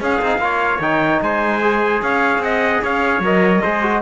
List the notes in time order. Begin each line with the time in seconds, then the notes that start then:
0.00 C#4 G#4 F5
0.22 C4 D#4
0.38 A#3 F4 C#5
0.80 D#3 D#4 G5
1.22 G#3 C5 G#5
1.62 G#4
2.03 C#4 C#5 F5
2.39 C4 D#5 F#5
2.83 C#4 C#5 F5
3.20 F#3 A#4 D#5
3.63 G#3 G#4 C5
3.83 F#4